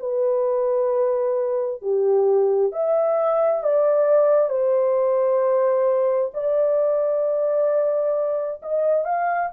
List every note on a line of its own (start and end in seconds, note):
0.00 1.82 B4
1.82 2.72 G4
2.72 3.63 E5
3.63 4.50 D5
4.50 6.31 C5
6.34 8.61 D5
8.62 9.05 D#5
9.05 9.50 F5